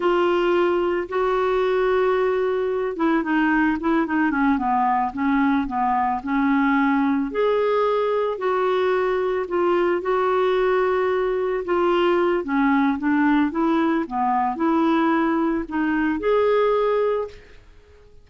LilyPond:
\new Staff \with { instrumentName = "clarinet" } { \time 4/4 \tempo 4 = 111 f'2 fis'2~ | fis'4. e'8 dis'4 e'8 dis'8 | cis'8 b4 cis'4 b4 cis'8~ | cis'4. gis'2 fis'8~ |
fis'4. f'4 fis'4.~ | fis'4. f'4. cis'4 | d'4 e'4 b4 e'4~ | e'4 dis'4 gis'2 | }